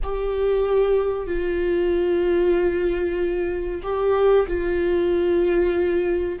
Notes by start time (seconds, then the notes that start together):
0.03 G4
1.26 F4
3.82 G4
4.47 F4